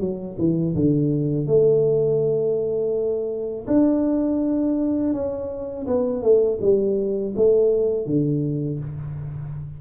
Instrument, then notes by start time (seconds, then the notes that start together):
tuba
0.00 F#3
0.38 E3
0.75 D3
1.46 A3
3.67 D4
5.13 C#4
5.87 B3
6.22 A3
6.61 G3
7.36 A3
8.06 D3